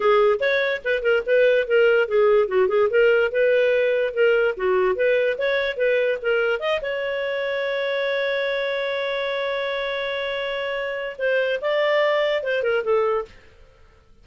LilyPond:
\new Staff \with { instrumentName = "clarinet" } { \time 4/4 \tempo 4 = 145 gis'4 cis''4 b'8 ais'8 b'4 | ais'4 gis'4 fis'8 gis'8 ais'4 | b'2 ais'4 fis'4 | b'4 cis''4 b'4 ais'4 |
dis''8 cis''2.~ cis''8~ | cis''1~ | cis''2. c''4 | d''2 c''8 ais'8 a'4 | }